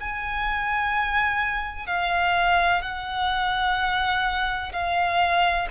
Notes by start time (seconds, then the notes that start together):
0.00 G#5
1.86 F5
2.81 F#5
4.72 F5